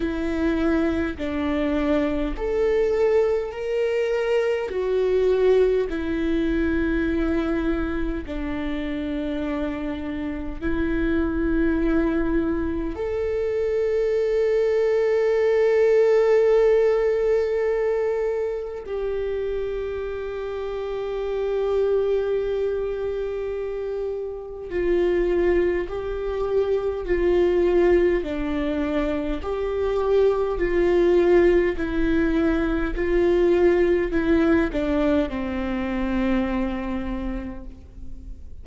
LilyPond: \new Staff \with { instrumentName = "viola" } { \time 4/4 \tempo 4 = 51 e'4 d'4 a'4 ais'4 | fis'4 e'2 d'4~ | d'4 e'2 a'4~ | a'1 |
g'1~ | g'4 f'4 g'4 f'4 | d'4 g'4 f'4 e'4 | f'4 e'8 d'8 c'2 | }